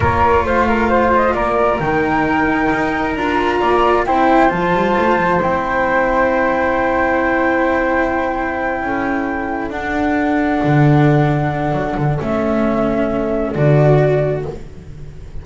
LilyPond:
<<
  \new Staff \with { instrumentName = "flute" } { \time 4/4 \tempo 4 = 133 cis''4 f''4. dis''8 d''4 | g''2. ais''4~ | ais''4 g''4 a''2 | g''1~ |
g''1~ | g''4. fis''2~ fis''8~ | fis''2. e''4~ | e''2 d''2 | }
  \new Staff \with { instrumentName = "flute" } { \time 4/4 ais'4 c''8 ais'8 c''4 ais'4~ | ais'1 | d''4 c''2.~ | c''1~ |
c''2.~ c''8 a'8~ | a'1~ | a'1~ | a'1 | }
  \new Staff \with { instrumentName = "cello" } { \time 4/4 f'1 | dis'2. f'4~ | f'4 e'4 f'2 | e'1~ |
e'1~ | e'4. d'2~ d'8~ | d'2. cis'4~ | cis'2 fis'2 | }
  \new Staff \with { instrumentName = "double bass" } { \time 4/4 ais4 a2 ais4 | dis2 dis'4 d'4 | ais4 c'4 f8 g8 a8 f8 | c'1~ |
c'2.~ c'8 cis'8~ | cis'4. d'2 d8~ | d2 fis8 d8 a4~ | a2 d2 | }
>>